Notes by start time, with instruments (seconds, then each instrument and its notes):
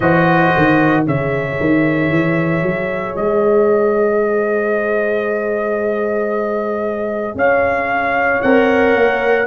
0.00 tuba E3, trombone F#4, horn C5, trumpet D#5
0.57 tuba D#3
1.06 tuba C#3, trombone G#4, horn C#5, trumpet E5
1.59 tuba D#3
2.10 tuba E3
2.62 tuba F#3
3.15 tuba G#3, trumpet D#5
4.21 horn C5
7.34 tuba C#4, horn C#5, trumpet F5
8.41 tuba C4, trombone A#4, trumpet F#5
8.95 tuba A#3